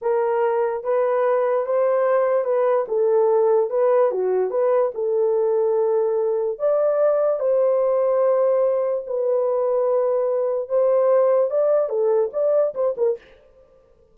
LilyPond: \new Staff \with { instrumentName = "horn" } { \time 4/4 \tempo 4 = 146 ais'2 b'2 | c''2 b'4 a'4~ | a'4 b'4 fis'4 b'4 | a'1 |
d''2 c''2~ | c''2 b'2~ | b'2 c''2 | d''4 a'4 d''4 c''8 ais'8 | }